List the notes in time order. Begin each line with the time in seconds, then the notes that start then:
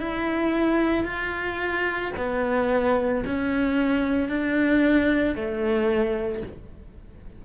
0.00 E4
1.05 F4
2.17 B3
3.26 C#4
4.29 D4
5.35 A3